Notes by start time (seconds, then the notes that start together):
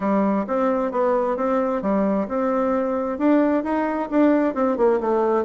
0.00 G3
0.47 C4
0.91 B3
1.37 C4
1.82 G3
2.27 C4
3.18 D4
3.63 D#4
4.10 D4
4.54 C4
4.77 A#3
5.00 A3